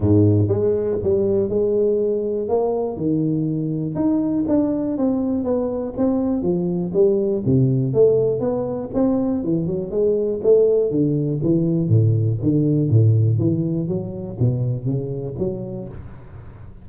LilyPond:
\new Staff \with { instrumentName = "tuba" } { \time 4/4 \tempo 4 = 121 gis,4 gis4 g4 gis4~ | gis4 ais4 dis2 | dis'4 d'4 c'4 b4 | c'4 f4 g4 c4 |
a4 b4 c'4 e8 fis8 | gis4 a4 d4 e4 | a,4 d4 a,4 e4 | fis4 b,4 cis4 fis4 | }